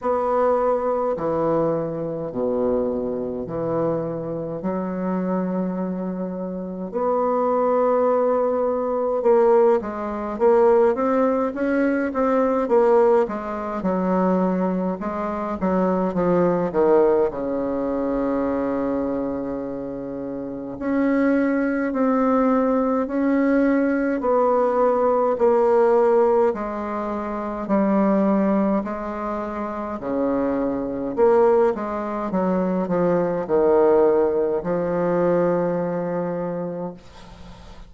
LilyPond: \new Staff \with { instrumentName = "bassoon" } { \time 4/4 \tempo 4 = 52 b4 e4 b,4 e4 | fis2 b2 | ais8 gis8 ais8 c'8 cis'8 c'8 ais8 gis8 | fis4 gis8 fis8 f8 dis8 cis4~ |
cis2 cis'4 c'4 | cis'4 b4 ais4 gis4 | g4 gis4 cis4 ais8 gis8 | fis8 f8 dis4 f2 | }